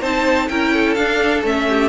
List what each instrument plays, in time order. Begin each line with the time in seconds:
0.00 cello C4, viola D#4, violin C5 A5
0.48 cello C#4, viola E4, violin A#4 G5
0.73 violin A4
0.94 cello D4, viola D4, violin F5
1.42 cello A3, viola C#4, violin E5
1.68 violin G4